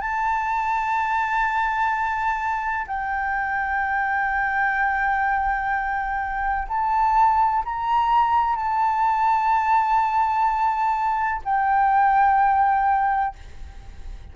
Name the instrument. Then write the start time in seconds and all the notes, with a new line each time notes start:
flute
0.00 A5
2.87 G5
6.68 A5
7.65 A#5
8.55 A5
11.44 G5